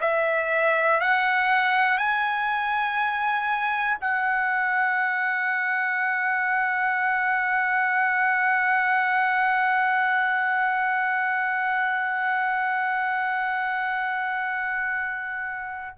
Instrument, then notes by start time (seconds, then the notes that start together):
trumpet
0.00 E5
1.00 F#5
1.98 G#5
4.00 F#5